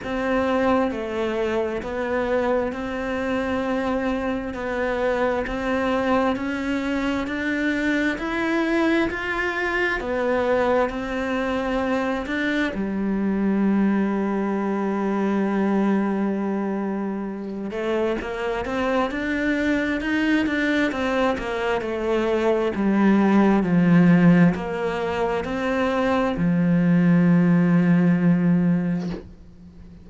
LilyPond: \new Staff \with { instrumentName = "cello" } { \time 4/4 \tempo 4 = 66 c'4 a4 b4 c'4~ | c'4 b4 c'4 cis'4 | d'4 e'4 f'4 b4 | c'4. d'8 g2~ |
g2.~ g8 a8 | ais8 c'8 d'4 dis'8 d'8 c'8 ais8 | a4 g4 f4 ais4 | c'4 f2. | }